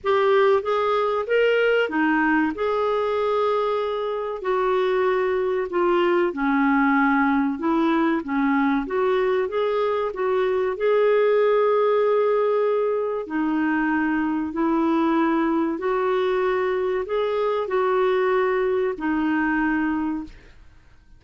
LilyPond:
\new Staff \with { instrumentName = "clarinet" } { \time 4/4 \tempo 4 = 95 g'4 gis'4 ais'4 dis'4 | gis'2. fis'4~ | fis'4 f'4 cis'2 | e'4 cis'4 fis'4 gis'4 |
fis'4 gis'2.~ | gis'4 dis'2 e'4~ | e'4 fis'2 gis'4 | fis'2 dis'2 | }